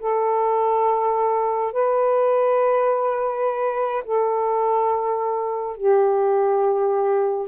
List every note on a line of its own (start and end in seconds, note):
0.00 1.73 A4
1.73 4.03 B4
4.04 5.76 A4
5.76 7.48 G4